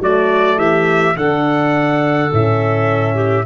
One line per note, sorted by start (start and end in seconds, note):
0.00 0.57 F#3
0.00 1.16 A3
0.00 0.57 F#4
0.00 0.59 D5
0.57 1.15 E3
0.57 1.15 G4
0.57 1.17 E5
1.16 2.31 D3
1.16 2.31 D4
1.16 3.15 A4
1.16 2.32 F#5
2.31 3.46 A2
2.31 3.46 C#4
2.31 3.46 E5
3.15 3.44 G4